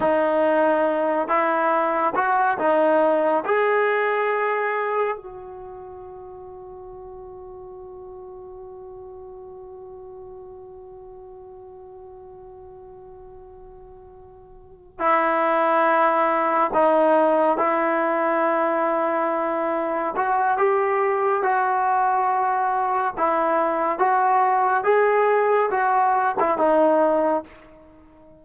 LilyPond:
\new Staff \with { instrumentName = "trombone" } { \time 4/4 \tempo 4 = 70 dis'4. e'4 fis'8 dis'4 | gis'2 fis'2~ | fis'1~ | fis'1~ |
fis'4. e'2 dis'8~ | dis'8 e'2. fis'8 | g'4 fis'2 e'4 | fis'4 gis'4 fis'8. e'16 dis'4 | }